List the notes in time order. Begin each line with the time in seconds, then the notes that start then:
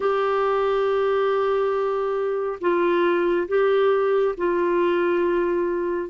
0.00 G4
2.60 F4
3.48 G4
4.37 F4